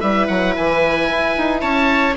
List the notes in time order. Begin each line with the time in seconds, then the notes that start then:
0.00 G3 E4 B4 E5
0.27 F#3 F#5
0.56 E3 G#5
1.10 E4
1.37 D#4
1.61 C#4 C#5 A5